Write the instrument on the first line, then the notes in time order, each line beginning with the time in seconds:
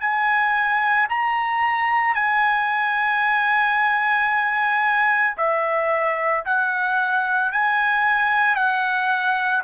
trumpet
0.00 G#5
1.09 A#5
2.15 G#5
5.37 E5
6.45 F#5
7.51 G#5
8.55 F#5